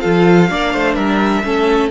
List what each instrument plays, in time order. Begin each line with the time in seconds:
0.00 cello F3, viola F4, violin A4 F5
0.50 cello A#3, viola D4, violin D5
0.73 cello A3, violin C5
0.94 cello G3, violin A#4 E5
1.44 cello A3, viola C#4, violin A4